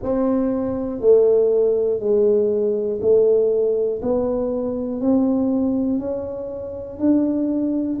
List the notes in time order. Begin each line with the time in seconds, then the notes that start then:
0.02 C4
1.00 A3
2.00 G#3
3.01 A3
4.01 B3
5.00 C4
5.99 C#4
6.99 D4